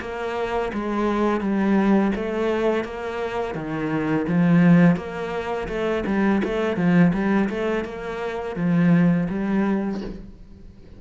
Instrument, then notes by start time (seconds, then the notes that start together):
cello
0.00 A#3
0.73 G#3
1.40 G3
2.15 A3
2.84 A#3
3.54 D#3
4.27 F3
4.96 A#3
5.68 A3
6.06 G3
6.44 A3
6.76 F3
7.13 G3
7.49 A3
7.84 A#3
8.56 F3
9.29 G3